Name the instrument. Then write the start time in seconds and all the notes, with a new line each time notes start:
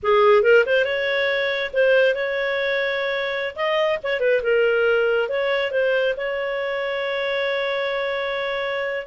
clarinet
0.02 G#4
0.42 A#4
0.66 C5
0.84 C#5
1.73 C5
2.14 C#5
3.55 D#5
4.03 C#5
4.19 B4
4.42 A#4
5.29 C#5
5.71 C5
6.16 C#5